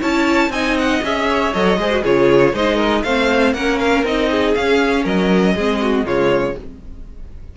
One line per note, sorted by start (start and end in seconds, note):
0.00 0.50 C#4
0.00 0.51 E4
0.00 0.50 C#5
0.00 0.52 A5
0.50 1.00 C4
0.50 1.03 D#4
0.50 1.28 D#5
0.50 0.77 G#5
0.79 1.04 F#5
1.03 1.54 C#4
1.03 1.53 G#4
1.03 1.54 E5
1.30 1.80 C#5
1.54 1.77 F#3
1.54 1.79 A4
1.54 2.04 D#5
1.77 2.03 G#3
1.77 1.91 G#4
1.77 2.03 C5
1.91 2.04 F#4
2.03 2.53 C#3
2.03 2.54 F4
2.03 2.53 G#4
2.03 2.55 C#5
2.53 3.04 G#3
2.53 3.05 D#4
2.53 2.76 C5
2.53 3.03 D#5
2.76 3.02 A#4
3.03 3.54 A3
3.03 3.56 C4
3.03 3.54 C5
3.03 3.54 F5
3.54 4.04 A#3
3.54 4.05 C#4
3.54 4.30 A#4
3.54 3.79 F#5
3.79 4.04 F5
4.04 4.54 C4
4.04 4.56 D#4
4.04 4.55 D#5
4.31 5.04 G#4
4.55 5.57 C#4
4.55 5.05 C#4
4.55 5.05 F5
5.04 5.56 F#3
5.04 5.54 A#4
5.04 6.07 D#5
5.55 6.04 G#3
5.55 6.07 C4
5.55 5.80 G#4
5.82 6.06 F#4
6.04 6.55 C#3
6.04 6.57 G#3
6.04 6.57 F4
6.04 6.57 C#5